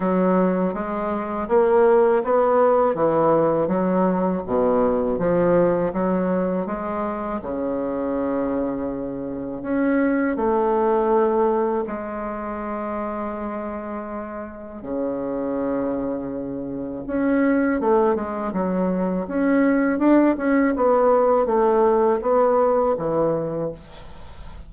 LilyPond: \new Staff \with { instrumentName = "bassoon" } { \time 4/4 \tempo 4 = 81 fis4 gis4 ais4 b4 | e4 fis4 b,4 f4 | fis4 gis4 cis2~ | cis4 cis'4 a2 |
gis1 | cis2. cis'4 | a8 gis8 fis4 cis'4 d'8 cis'8 | b4 a4 b4 e4 | }